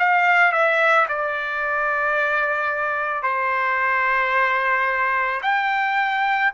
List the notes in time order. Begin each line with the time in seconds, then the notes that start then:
0.00 F5
0.53 E5
1.09 D5
3.23 C5
5.43 G5